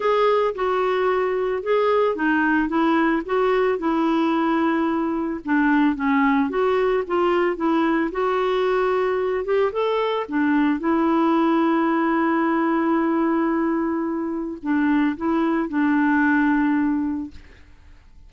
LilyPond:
\new Staff \with { instrumentName = "clarinet" } { \time 4/4 \tempo 4 = 111 gis'4 fis'2 gis'4 | dis'4 e'4 fis'4 e'4~ | e'2 d'4 cis'4 | fis'4 f'4 e'4 fis'4~ |
fis'4. g'8 a'4 d'4 | e'1~ | e'2. d'4 | e'4 d'2. | }